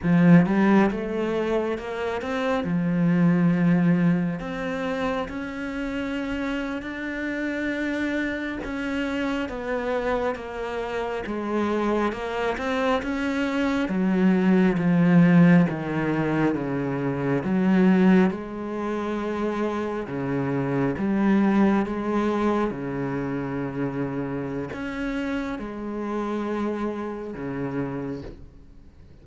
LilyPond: \new Staff \with { instrumentName = "cello" } { \time 4/4 \tempo 4 = 68 f8 g8 a4 ais8 c'8 f4~ | f4 c'4 cis'4.~ cis'16 d'16~ | d'4.~ d'16 cis'4 b4 ais16~ | ais8. gis4 ais8 c'8 cis'4 fis16~ |
fis8. f4 dis4 cis4 fis16~ | fis8. gis2 cis4 g16~ | g8. gis4 cis2~ cis16 | cis'4 gis2 cis4 | }